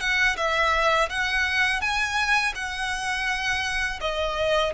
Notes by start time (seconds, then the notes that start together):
0.00 F#5
0.36 E5
1.09 F#5
1.81 G#5
2.55 F#5
4.01 D#5